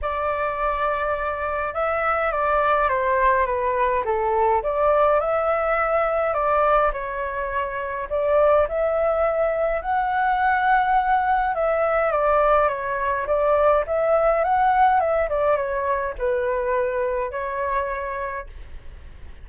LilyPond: \new Staff \with { instrumentName = "flute" } { \time 4/4 \tempo 4 = 104 d''2. e''4 | d''4 c''4 b'4 a'4 | d''4 e''2 d''4 | cis''2 d''4 e''4~ |
e''4 fis''2. | e''4 d''4 cis''4 d''4 | e''4 fis''4 e''8 d''8 cis''4 | b'2 cis''2 | }